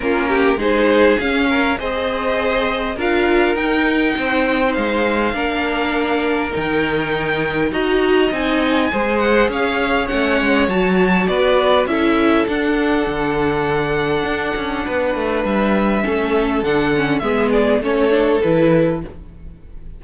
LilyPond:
<<
  \new Staff \with { instrumentName = "violin" } { \time 4/4 \tempo 4 = 101 ais'4 c''4 f''4 dis''4~ | dis''4 f''4 g''2 | f''2. g''4~ | g''4 ais''4 gis''4. fis''8 |
f''4 fis''4 a''4 d''4 | e''4 fis''2.~ | fis''2 e''2 | fis''4 e''8 d''8 cis''4 b'4 | }
  \new Staff \with { instrumentName = "violin" } { \time 4/4 f'8 g'8 gis'4. ais'8 c''4~ | c''4 ais'2 c''4~ | c''4 ais'2.~ | ais'4 dis''2 c''4 |
cis''2. b'4 | a'1~ | a'4 b'2 a'4~ | a'4 gis'4 a'2 | }
  \new Staff \with { instrumentName = "viola" } { \time 4/4 cis'4 dis'4 cis'4 gis'4~ | gis'4 f'4 dis'2~ | dis'4 d'2 dis'4~ | dis'4 fis'4 dis'4 gis'4~ |
gis'4 cis'4 fis'2 | e'4 d'2.~ | d'2. cis'4 | d'8 cis'8 b4 cis'8 d'8 e'4 | }
  \new Staff \with { instrumentName = "cello" } { \time 4/4 ais4 gis4 cis'4 c'4~ | c'4 d'4 dis'4 c'4 | gis4 ais2 dis4~ | dis4 dis'4 c'4 gis4 |
cis'4 a8 gis8 fis4 b4 | cis'4 d'4 d2 | d'8 cis'8 b8 a8 g4 a4 | d4 gis4 a4 e4 | }
>>